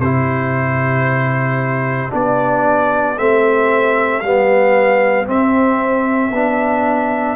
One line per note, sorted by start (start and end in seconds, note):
0.00 2.11 C3
0.00 2.11 E4
0.00 7.36 G4
0.00 2.11 C5
2.11 3.18 B3
2.11 3.16 D4
2.11 3.19 D5
3.18 4.23 A3
3.18 4.24 C4
3.18 4.20 E5
4.20 5.28 G3
4.20 5.27 B3
4.20 5.26 F5
5.27 6.32 C4
5.27 7.36 E5
6.32 7.36 B3
6.32 7.36 D4